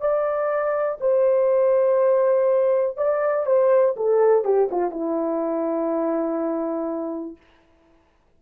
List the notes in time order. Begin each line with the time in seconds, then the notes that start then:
0.00 D5
1.00 C5
2.97 D5
3.46 C5
3.96 A4
4.44 G4
4.71 F4
4.91 E4